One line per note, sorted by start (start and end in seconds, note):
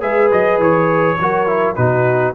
0.00 0.31 G#3
0.00 1.17 G#4
0.00 1.18 B4
0.00 0.31 E5
0.32 0.58 F#3
0.32 0.61 D#5
0.58 1.17 E3
0.58 1.75 C#5
1.18 1.77 F#3
1.18 1.46 F#4
1.18 1.76 A#4
1.46 1.75 E4
1.75 2.35 B2
1.75 2.33 D#4
1.75 2.34 F#4
1.75 2.33 B4